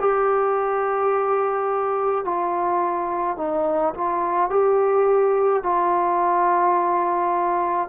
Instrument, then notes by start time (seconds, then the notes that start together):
trombone
0.00 G4
2.24 F4
3.37 D#4
3.94 F4
4.50 G4
5.63 F4